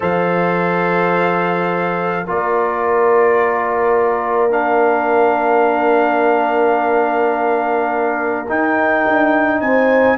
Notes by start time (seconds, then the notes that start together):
0.00 F3 A4 C5 F5
2.25 A#3 F4 A#4 D5
4.50 D4 F5
8.48 D#4 G5
9.06 D4
9.60 C4 C5 G#5